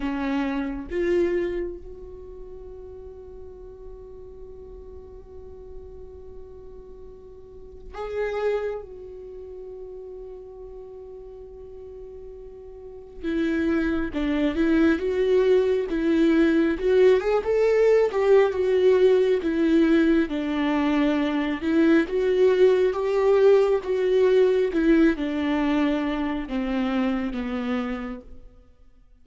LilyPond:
\new Staff \with { instrumentName = "viola" } { \time 4/4 \tempo 4 = 68 cis'4 f'4 fis'2~ | fis'1~ | fis'4 gis'4 fis'2~ | fis'2. e'4 |
d'8 e'8 fis'4 e'4 fis'8 gis'16 a'16~ | a'8 g'8 fis'4 e'4 d'4~ | d'8 e'8 fis'4 g'4 fis'4 | e'8 d'4. c'4 b4 | }